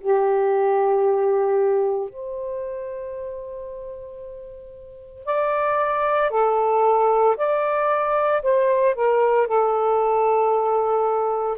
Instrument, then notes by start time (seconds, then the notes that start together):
saxophone
0.00 G4
2.09 C5
5.25 D5
6.30 A4
7.36 D5
8.42 C5
8.94 A#4
9.47 A4